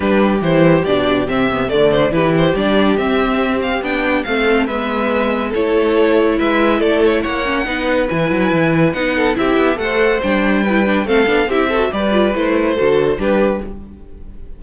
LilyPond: <<
  \new Staff \with { instrumentName = "violin" } { \time 4/4 \tempo 4 = 141 b'4 c''4 d''4 e''4 | d''8 c''8 b'8 c''8 d''4 e''4~ | e''8 f''8 g''4 f''4 e''4~ | e''4 cis''2 e''4 |
d''8 cis''8 fis''2 gis''4~ | gis''4 fis''4 e''4 fis''4 | g''2 f''4 e''4 | d''4 c''2 b'4 | }
  \new Staff \with { instrumentName = "violin" } { \time 4/4 g'1 | d''4 g'2.~ | g'2 a'4 b'4~ | b'4 a'2 b'4 |
a'4 cis''4 b'2~ | b'4. a'8 g'4 c''4~ | c''4 b'4 a'4 g'8 a'8 | b'2 a'4 g'4 | }
  \new Staff \with { instrumentName = "viola" } { \time 4/4 d'4 e'4 d'4 c'8 b8 | a4 e'4 d'4 c'4~ | c'4 d'4 c'4 b4~ | b4 e'2.~ |
e'4. cis'8 dis'4 e'4~ | e'4 dis'4 e'4 a'4 | d'4 e'8 d'8 c'8 d'8 e'8 fis'8 | g'8 f'8 e'4 fis'4 d'4 | }
  \new Staff \with { instrumentName = "cello" } { \time 4/4 g4 e4 b,4 c4 | d4 e4 g4 c'4~ | c'4 b4 a4 gis4~ | gis4 a2 gis4 |
a4 ais4 b4 e8 fis8 | e4 b4 c'8 b8 a4 | g2 a8 b8 c'4 | g4 a4 d4 g4 | }
>>